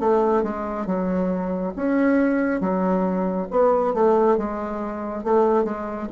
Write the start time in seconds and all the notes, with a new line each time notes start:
0.00 A3
0.43 G#3
0.87 F#3
1.76 C#4
2.61 F#3
3.51 B3
3.94 A3
4.38 G#3
5.24 A3
5.64 G#3